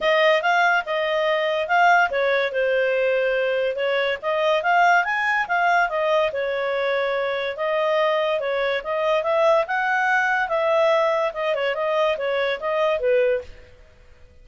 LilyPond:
\new Staff \with { instrumentName = "clarinet" } { \time 4/4 \tempo 4 = 143 dis''4 f''4 dis''2 | f''4 cis''4 c''2~ | c''4 cis''4 dis''4 f''4 | gis''4 f''4 dis''4 cis''4~ |
cis''2 dis''2 | cis''4 dis''4 e''4 fis''4~ | fis''4 e''2 dis''8 cis''8 | dis''4 cis''4 dis''4 b'4 | }